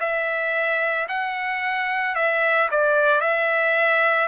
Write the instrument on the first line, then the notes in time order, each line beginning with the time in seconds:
trumpet
0.00 E5
1.08 F#5
2.15 E5
2.71 D5
3.21 E5